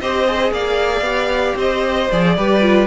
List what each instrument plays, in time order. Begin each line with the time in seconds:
0.00 cello C4, viola G4, violin C5 D#5
0.27 viola G#4
0.51 cello A#3, violin D5 F5
1.01 cello B3, viola G4
1.56 cello C4, violin C5 D#5
2.11 cello F3, viola G#4, violin D5
2.37 cello G3, viola G4, violin B4
2.61 viola F4